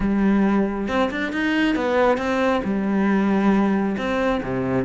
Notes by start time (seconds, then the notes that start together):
0.00 G3
0.88 C4
1.10 D4
1.32 D#4
1.75 B3
2.17 C4
2.64 G3
3.97 C4
4.43 C3